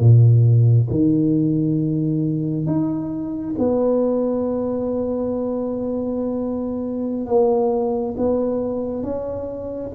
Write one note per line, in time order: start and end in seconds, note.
0.00 0.88 A#2
0.91 2.67 D#3
2.67 3.55 D#4
3.59 7.27 B3
7.27 8.15 A#3
8.18 9.04 B3
9.04 9.92 C#4